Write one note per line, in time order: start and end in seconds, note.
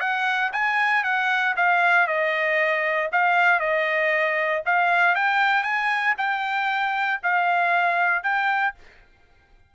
0.00 0.51 F#5
0.52 1.04 G#5
1.04 1.55 F#5
1.56 2.07 F5
2.07 3.10 D#5
3.12 3.60 F5
3.60 4.62 D#5
4.65 5.15 F5
5.15 5.63 G5
5.63 6.14 G#5
6.18 7.20 G5
7.23 8.23 F5
8.23 8.75 G5